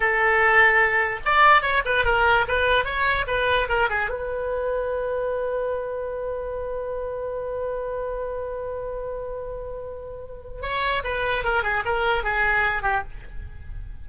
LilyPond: \new Staff \with { instrumentName = "oboe" } { \time 4/4 \tempo 4 = 147 a'2. d''4 | cis''8 b'8 ais'4 b'4 cis''4 | b'4 ais'8 gis'8 b'2~ | b'1~ |
b'1~ | b'1~ | b'2 cis''4 b'4 | ais'8 gis'8 ais'4 gis'4. g'8 | }